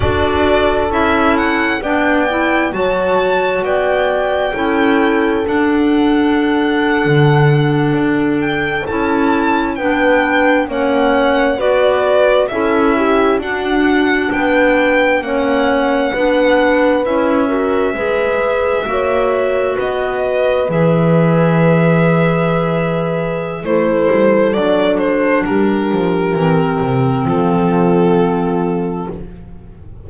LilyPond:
<<
  \new Staff \with { instrumentName = "violin" } { \time 4/4 \tempo 4 = 66 d''4 e''8 fis''8 g''4 a''4 | g''2 fis''2~ | fis''4~ fis''16 g''8 a''4 g''4 fis''16~ | fis''8. d''4 e''4 fis''4 g''16~ |
g''8. fis''2 e''4~ e''16~ | e''4.~ e''16 dis''4 e''4~ e''16~ | e''2 c''4 d''8 c''8 | ais'2 a'2 | }
  \new Staff \with { instrumentName = "horn" } { \time 4/4 a'2 d''4 cis''4 | d''4 a'2.~ | a'2~ a'8. b'4 cis''16~ | cis''8. b'4 a'8 g'8 fis'4 b'16~ |
b'8. cis''4 b'4. ais'8 b'16~ | b'8. cis''4 b'2~ b'16~ | b'2 a'2 | g'2 f'2 | }
  \new Staff \with { instrumentName = "clarinet" } { \time 4/4 fis'4 e'4 d'8 e'8 fis'4~ | fis'4 e'4 d'2~ | d'4.~ d'16 e'4 d'4 cis'16~ | cis'8. fis'4 e'4 d'4~ d'16~ |
d'8. cis'4 d'4 e'8 fis'8 gis'16~ | gis'8. fis'2 gis'4~ gis'16~ | gis'2 e'4 d'4~ | d'4 c'2. | }
  \new Staff \with { instrumentName = "double bass" } { \time 4/4 d'4 cis'4 b4 fis4 | b4 cis'4 d'4.~ d'16 d16~ | d8. d'4 cis'4 b4 ais16~ | ais8. b4 cis'4 d'4 b16~ |
b8. ais4 b4 cis'4 gis16~ | gis8. ais4 b4 e4~ e16~ | e2 a8 g8 fis4 | g8 f8 e8 c8 f2 | }
>>